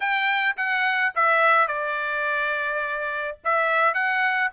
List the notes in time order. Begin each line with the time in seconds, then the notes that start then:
0.00 G5
0.57 F#5
1.15 E5
1.67 D5
3.44 E5
3.94 F#5